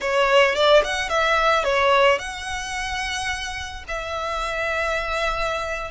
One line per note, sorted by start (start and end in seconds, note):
0.01 0.55 C#5
0.55 0.82 D5
0.84 1.09 F#5
1.09 1.63 E5
1.63 2.18 C#5
2.19 3.84 F#5
3.88 5.91 E5